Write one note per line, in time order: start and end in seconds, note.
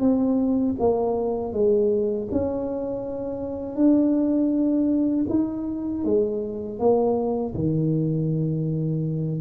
0.00 0.75 C4
0.79 1.53 A#3
1.53 2.28 G#3
2.31 3.76 C#4
3.76 5.26 D4
5.29 6.04 D#4
6.04 6.79 G#3
6.79 7.54 A#3
7.54 9.41 D#3